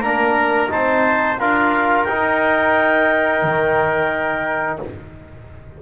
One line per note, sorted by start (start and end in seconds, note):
0.00 0.68 A#3
0.00 0.69 D4
0.00 0.73 A#4
0.00 0.70 A#5
0.69 1.40 C4
0.69 1.37 D#4
0.69 1.40 C5
0.69 1.39 A5
1.39 2.08 D4
1.39 2.08 F4
1.39 4.81 A#4
1.39 2.05 F5
2.05 3.43 D#4
2.05 4.83 D#4
2.05 4.78 G5
3.43 4.80 D#3